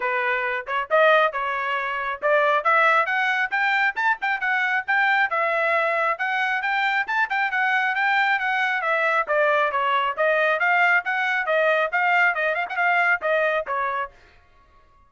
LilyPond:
\new Staff \with { instrumentName = "trumpet" } { \time 4/4 \tempo 4 = 136 b'4. cis''8 dis''4 cis''4~ | cis''4 d''4 e''4 fis''4 | g''4 a''8 g''8 fis''4 g''4 | e''2 fis''4 g''4 |
a''8 g''8 fis''4 g''4 fis''4 | e''4 d''4 cis''4 dis''4 | f''4 fis''4 dis''4 f''4 | dis''8 f''16 fis''16 f''4 dis''4 cis''4 | }